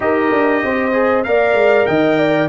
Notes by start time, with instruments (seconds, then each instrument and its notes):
0.00 tuba D#4, trombone G4, horn A#4, trumpet D#5
0.31 tuba D4
0.63 tuba C4, horn C5
0.92 trombone G#4
1.23 tuba A#3, trombone A#4, horn D5, trumpet F5
1.53 tuba G#3
1.86 tuba D#3, horn D#5, trumpet G5
2.18 horn D5